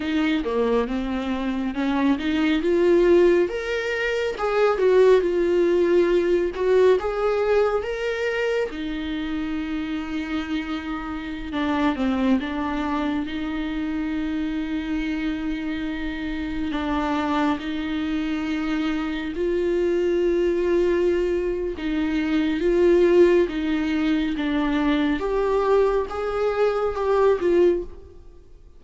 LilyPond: \new Staff \with { instrumentName = "viola" } { \time 4/4 \tempo 4 = 69 dis'8 ais8 c'4 cis'8 dis'8 f'4 | ais'4 gis'8 fis'8 f'4. fis'8 | gis'4 ais'4 dis'2~ | dis'4~ dis'16 d'8 c'8 d'4 dis'8.~ |
dis'2.~ dis'16 d'8.~ | d'16 dis'2 f'4.~ f'16~ | f'4 dis'4 f'4 dis'4 | d'4 g'4 gis'4 g'8 f'8 | }